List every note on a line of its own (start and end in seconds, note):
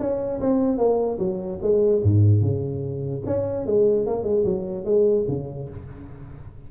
0.00 0.41 C#4
0.41 0.78 C4
0.78 1.18 A#3
1.19 1.60 F#3
1.62 2.03 G#3
2.03 2.42 G#2
2.42 3.23 C#3
3.26 3.66 C#4
3.66 4.07 G#3
4.07 4.24 A#3
4.24 4.44 G#3
4.45 4.85 F#3
4.85 5.26 G#3
5.29 5.69 C#3